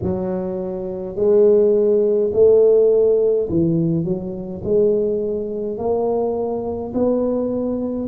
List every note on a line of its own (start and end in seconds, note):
0.02 1.15 F#3
1.15 2.31 G#3
2.33 3.48 A3
3.49 4.04 E3
4.04 4.62 F#3
4.64 5.77 G#3
5.77 6.92 A#3
6.94 8.08 B3